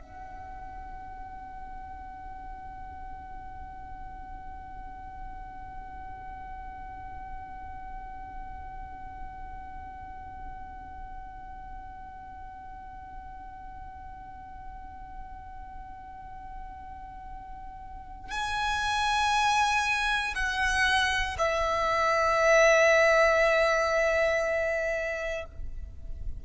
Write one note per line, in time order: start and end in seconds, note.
0.00 18.31 F#5
18.31 20.34 G#5
20.35 21.37 F#5
21.38 25.45 E5